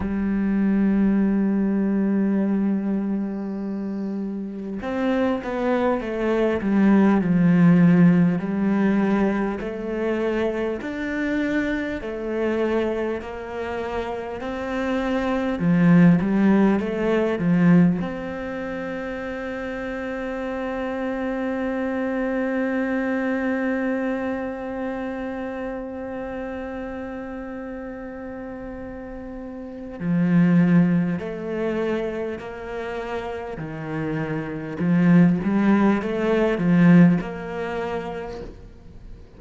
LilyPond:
\new Staff \with { instrumentName = "cello" } { \time 4/4 \tempo 4 = 50 g1 | c'8 b8 a8 g8 f4 g4 | a4 d'4 a4 ais4 | c'4 f8 g8 a8 f8 c'4~ |
c'1~ | c'1~ | c'4 f4 a4 ais4 | dis4 f8 g8 a8 f8 ais4 | }